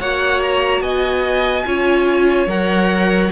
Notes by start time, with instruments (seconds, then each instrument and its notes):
0.00 cello A#3, viola F#4, violin C#5 F#5
0.43 violin A#5
0.81 cello B3, violin D#5 G#5
1.66 cello C#4, viola F4, violin C#5
2.47 cello F#3, viola A#4, violin F#5